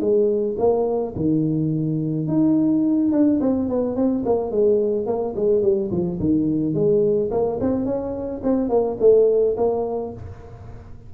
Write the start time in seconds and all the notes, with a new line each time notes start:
0.00 G#3
0.58 A#3
1.15 D#3
2.27 D#4
3.12 D4
3.41 C4
3.69 B3
3.96 C4
4.25 A#3
4.51 G#3
5.06 A#3
5.36 G#3
5.62 G3
5.91 F3
6.20 D#3
6.74 G#3
7.31 A#3
7.60 C4
7.85 C#4
8.43 C4
8.69 A#3
9.00 A3
9.57 A#3